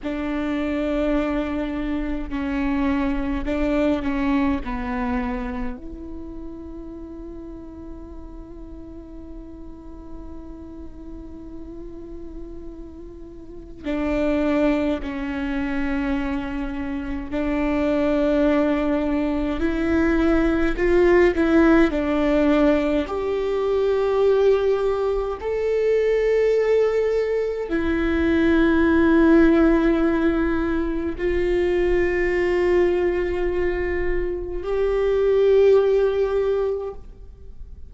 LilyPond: \new Staff \with { instrumentName = "viola" } { \time 4/4 \tempo 4 = 52 d'2 cis'4 d'8 cis'8 | b4 e'2.~ | e'1 | d'4 cis'2 d'4~ |
d'4 e'4 f'8 e'8 d'4 | g'2 a'2 | e'2. f'4~ | f'2 g'2 | }